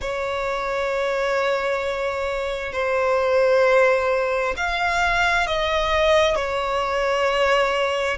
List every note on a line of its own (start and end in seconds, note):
0.01 2.73 C#5
2.73 4.55 C5
4.56 5.46 F5
5.46 6.35 D#5
6.35 8.17 C#5